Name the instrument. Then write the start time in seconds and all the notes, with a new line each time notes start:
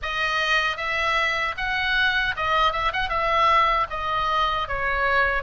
oboe
0.02 D#5
0.77 E5
1.57 F#5
2.36 D#5
2.72 E5
2.92 F#5
3.09 E5
3.90 D#5
4.68 C#5